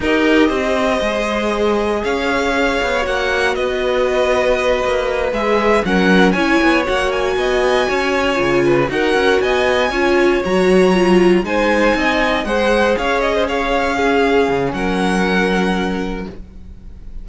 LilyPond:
<<
  \new Staff \with { instrumentName = "violin" } { \time 4/4 \tempo 4 = 118 dis''1 | f''2 fis''4 dis''4~ | dis''2~ dis''8 e''4 fis''8~ | fis''8 gis''4 fis''8 gis''2~ |
gis''4. fis''4 gis''4.~ | gis''8 ais''2 gis''4.~ | gis''8 fis''4 f''8 dis''8 f''4.~ | f''4 fis''2. | }
  \new Staff \with { instrumentName = "violin" } { \time 4/4 ais'4 c''2. | cis''2. b'4~ | b'2.~ b'8 ais'8~ | ais'8 cis''2 dis''4 cis''8~ |
cis''4 b'8 ais'4 dis''4 cis''8~ | cis''2~ cis''8 c''4 dis''8~ | dis''8 c''4 cis''8. c''16 cis''4 gis'8~ | gis'4 ais'2. | }
  \new Staff \with { instrumentName = "viola" } { \time 4/4 g'2 gis'2~ | gis'2 fis'2~ | fis'2~ fis'8 gis'4 cis'8~ | cis'8 e'4 fis'2~ fis'8~ |
fis'8 f'4 fis'2 f'8~ | f'8 fis'4 f'4 dis'4.~ | dis'8 gis'2. cis'8~ | cis'1 | }
  \new Staff \with { instrumentName = "cello" } { \time 4/4 dis'4 c'4 gis2 | cis'4. b8 ais4 b4~ | b4. ais4 gis4 fis8~ | fis8 cis'8 b8 ais4 b4 cis'8~ |
cis'8 cis4 dis'8 cis'8 b4 cis'8~ | cis'8 fis2 gis4 c'8~ | c'8 gis4 cis'2~ cis'8~ | cis'8 cis8 fis2. | }
>>